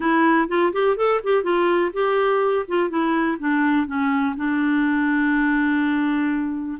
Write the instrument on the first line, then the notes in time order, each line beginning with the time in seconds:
clarinet
0.00 E4
0.48 F4
0.73 G4
0.96 A4
1.23 G4
1.43 F4
1.93 G4
2.67 F4
2.89 E4
3.39 D4
3.86 C#4
4.36 D4